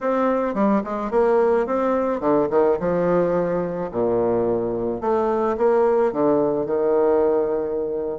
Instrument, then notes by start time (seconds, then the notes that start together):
bassoon
0.00 C4
0.54 G3
0.84 G#3
1.10 A#3
1.66 C4
2.20 D3
2.50 D#3
2.79 F3
3.91 A#2
5.00 A3
5.57 A#3
6.12 D3
6.66 D#3